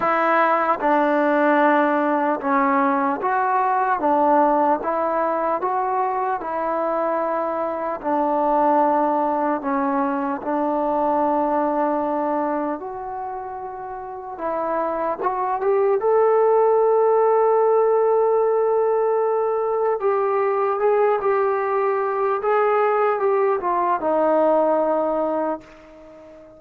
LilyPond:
\new Staff \with { instrumentName = "trombone" } { \time 4/4 \tempo 4 = 75 e'4 d'2 cis'4 | fis'4 d'4 e'4 fis'4 | e'2 d'2 | cis'4 d'2. |
fis'2 e'4 fis'8 g'8 | a'1~ | a'4 g'4 gis'8 g'4. | gis'4 g'8 f'8 dis'2 | }